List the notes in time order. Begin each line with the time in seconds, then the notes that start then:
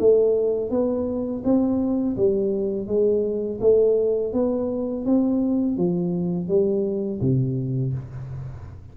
0.00 A3
0.71 B3
1.45 C4
2.17 G3
2.88 G#3
3.61 A3
4.34 B3
5.06 C4
5.78 F3
6.49 G3
7.22 C3